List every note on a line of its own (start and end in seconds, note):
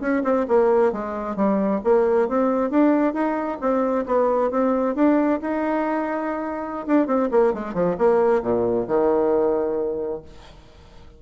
0.00 0.22 C#4
0.23 0.46 C4
0.47 0.92 A#3
0.92 1.36 G#3
1.36 1.81 G3
1.84 2.28 A#3
2.28 2.70 C4
2.70 3.13 D4
3.13 3.58 D#4
3.60 4.05 C4
4.05 4.50 B3
4.51 4.95 C4
4.95 5.40 D4
5.41 6.86 D#4
6.86 7.07 D4
7.07 7.29 C4
7.31 7.53 A#3
7.53 7.74 G#3
7.74 7.96 F3
7.98 8.42 A#3
8.42 8.87 A#2
8.87 10.22 D#3